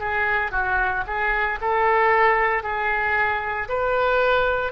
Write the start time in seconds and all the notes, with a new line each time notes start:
0.00 G#4
0.52 F#4
1.07 G#4
1.61 A4
2.63 G#4
3.69 B4